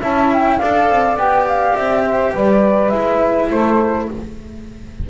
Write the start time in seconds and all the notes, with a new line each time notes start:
0.00 C#4 E4 E5 A5
0.34 G5
0.59 D4 A4 D5 F5
0.90 C4
1.17 B3 G4 G5
1.48 F5
1.76 C4 E5
2.05 C5
2.33 G3 B4 D5
2.89 G#3 E4 E5
3.51 A3 A4 C5